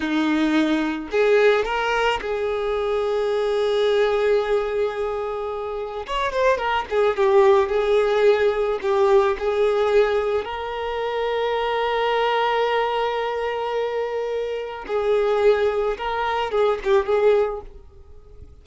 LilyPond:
\new Staff \with { instrumentName = "violin" } { \time 4/4 \tempo 4 = 109 dis'2 gis'4 ais'4 | gis'1~ | gis'2. cis''8 c''8 | ais'8 gis'8 g'4 gis'2 |
g'4 gis'2 ais'4~ | ais'1~ | ais'2. gis'4~ | gis'4 ais'4 gis'8 g'8 gis'4 | }